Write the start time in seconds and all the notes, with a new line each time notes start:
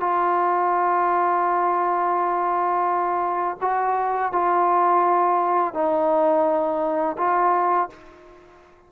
0.00 F4
3.61 F#4
4.32 F4
5.74 D#4
7.18 F4